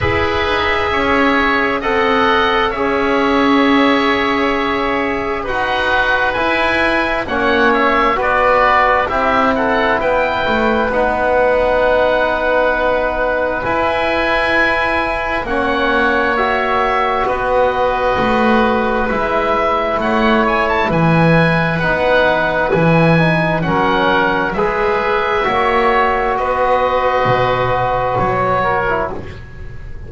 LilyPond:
<<
  \new Staff \with { instrumentName = "oboe" } { \time 4/4 \tempo 4 = 66 e''2 fis''4 e''4~ | e''2 fis''4 gis''4 | fis''8 e''8 d''4 e''8 fis''8 g''4 | fis''2. gis''4~ |
gis''4 fis''4 e''4 dis''4~ | dis''4 e''4 fis''8 gis''16 a''16 gis''4 | fis''4 gis''4 fis''4 e''4~ | e''4 dis''2 cis''4 | }
  \new Staff \with { instrumentName = "oboe" } { \time 4/4 b'4 cis''4 dis''4 cis''4~ | cis''2 b'2 | cis''4 b'4 g'8 a'8 b'4~ | b'1~ |
b'4 cis''2 b'4~ | b'2 cis''4 b'4~ | b'2 ais'4 b'4 | cis''4 b'2~ b'8 ais'8 | }
  \new Staff \with { instrumentName = "trombone" } { \time 4/4 gis'2 a'4 gis'4~ | gis'2 fis'4 e'4 | cis'4 fis'4 e'2 | dis'2. e'4~ |
e'4 cis'4 fis'2~ | fis'4 e'2. | dis'4 e'8 dis'8 cis'4 gis'4 | fis'2.~ fis'8. e'16 | }
  \new Staff \with { instrumentName = "double bass" } { \time 4/4 e'8 dis'8 cis'4 c'4 cis'4~ | cis'2 dis'4 e'4 | ais4 b4 c'4 b8 a8 | b2. e'4~ |
e'4 ais2 b4 | a4 gis4 a4 e4 | b4 e4 fis4 gis4 | ais4 b4 b,4 fis4 | }
>>